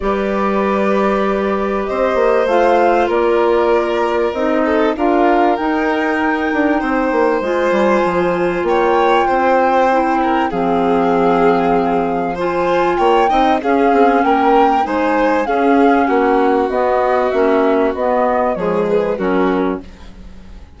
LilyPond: <<
  \new Staff \with { instrumentName = "flute" } { \time 4/4 \tempo 4 = 97 d''2. dis''4 | f''4 d''2 dis''4 | f''4 g''2. | gis''2 g''2~ |
g''4 f''2. | gis''4 g''4 f''4 g''4 | gis''4 f''4 fis''4 dis''4 | e''4 dis''4 cis''8 b'8 ais'4 | }
  \new Staff \with { instrumentName = "violin" } { \time 4/4 b'2. c''4~ | c''4 ais'2~ ais'8 a'8 | ais'2. c''4~ | c''2 cis''4 c''4~ |
c''8 ais'8 gis'2. | c''4 cis''8 dis''8 gis'4 ais'4 | c''4 gis'4 fis'2~ | fis'2 gis'4 fis'4 | }
  \new Staff \with { instrumentName = "clarinet" } { \time 4/4 g'1 | f'2. dis'4 | f'4 dis'2. | f'1 |
e'4 c'2. | f'4. dis'8 cis'2 | dis'4 cis'2 b4 | cis'4 b4 gis4 cis'4 | }
  \new Staff \with { instrumentName = "bassoon" } { \time 4/4 g2. c'8 ais8 | a4 ais2 c'4 | d'4 dis'4. d'8 c'8 ais8 | gis8 g8 f4 ais4 c'4~ |
c'4 f2.~ | f4 ais8 c'8 cis'8 c'8 ais4 | gis4 cis'4 ais4 b4 | ais4 b4 f4 fis4 | }
>>